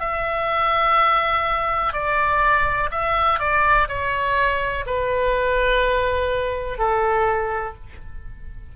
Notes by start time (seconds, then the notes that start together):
0.00 E5
1.93 D5
2.91 E5
3.39 D5
3.88 C#5
4.87 B4
6.78 A4